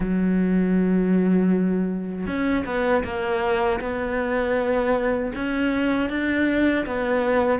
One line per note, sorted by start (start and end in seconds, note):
0.00 2.26 F#3
2.26 2.64 C#4
2.65 3.03 B3
3.04 3.80 A#3
3.80 5.32 B3
5.35 6.09 C#4
6.09 6.85 D4
6.86 7.59 B3